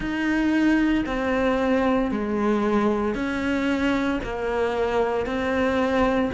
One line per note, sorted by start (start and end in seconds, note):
0.00 1.04 D#4
1.05 2.11 C4
2.11 3.14 G#3
3.14 4.20 C#4
4.23 5.25 A#3
5.25 6.31 C4